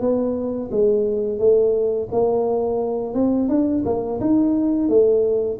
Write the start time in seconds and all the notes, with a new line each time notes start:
0.00 B3
0.71 G#3
1.38 A3
2.11 A#3
3.14 C4
3.49 D4
3.85 A#3
4.20 D#4
4.88 A3